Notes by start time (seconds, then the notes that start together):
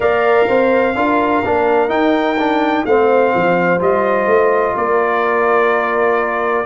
0.00 A#3 A#4 D5 F5
0.47 C4 C5
0.94 D4 F4 A#4
1.44 A#3 D4
1.88 D#4 G5
2.38 D4
2.85 A3 C4 C5 F5
3.35 F3
3.79 G3 F4 D#5
4.26 A3
4.76 A#3 A#4 D5